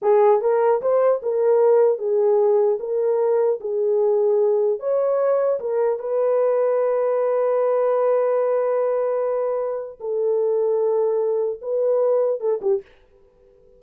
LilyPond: \new Staff \with { instrumentName = "horn" } { \time 4/4 \tempo 4 = 150 gis'4 ais'4 c''4 ais'4~ | ais'4 gis'2 ais'4~ | ais'4 gis'2. | cis''2 ais'4 b'4~ |
b'1~ | b'1~ | b'4 a'2.~ | a'4 b'2 a'8 g'8 | }